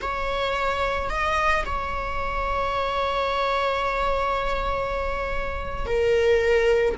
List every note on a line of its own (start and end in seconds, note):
0.01 1.09 C#5
1.09 1.64 D#5
1.65 5.86 C#5
5.86 6.95 A#4